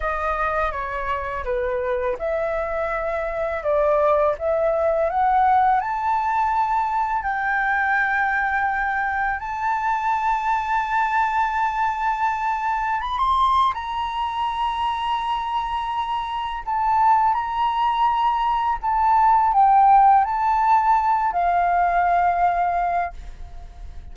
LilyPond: \new Staff \with { instrumentName = "flute" } { \time 4/4 \tempo 4 = 83 dis''4 cis''4 b'4 e''4~ | e''4 d''4 e''4 fis''4 | a''2 g''2~ | g''4 a''2.~ |
a''2 b''16 c'''8. ais''4~ | ais''2. a''4 | ais''2 a''4 g''4 | a''4. f''2~ f''8 | }